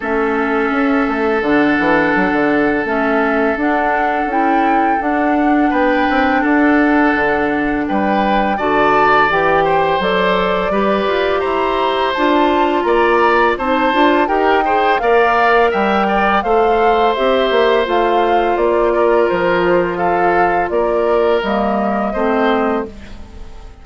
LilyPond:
<<
  \new Staff \with { instrumentName = "flute" } { \time 4/4 \tempo 4 = 84 e''2 fis''2 | e''4 fis''4 g''4 fis''4 | g''4 fis''2 g''4 | a''4 g''4 d''2 |
ais''4 a''4 ais''4 a''4 | g''4 f''4 g''4 f''4 | e''4 f''4 d''4 c''4 | f''4 d''4 dis''2 | }
  \new Staff \with { instrumentName = "oboe" } { \time 4/4 a'1~ | a'1 | b'4 a'2 b'4 | d''4. c''4. b'4 |
c''2 d''4 c''4 | ais'8 c''8 d''4 e''8 d''8 c''4~ | c''2~ c''8 ais'4. | a'4 ais'2 c''4 | }
  \new Staff \with { instrumentName = "clarinet" } { \time 4/4 cis'2 d'2 | cis'4 d'4 e'4 d'4~ | d'1 | fis'4 g'4 a'4 g'4~ |
g'4 f'2 dis'8 f'8 | g'8 gis'8 ais'2 a'4 | g'4 f'2.~ | f'2 ais4 c'4 | }
  \new Staff \with { instrumentName = "bassoon" } { \time 4/4 a4 cis'8 a8 d8 e8 fis16 d8. | a4 d'4 cis'4 d'4 | b8 c'8 d'4 d4 g4 | d4 e4 fis4 g8 f'8 |
e'4 d'4 ais4 c'8 d'8 | dis'4 ais4 g4 a4 | c'8 ais8 a4 ais4 f4~ | f4 ais4 g4 a4 | }
>>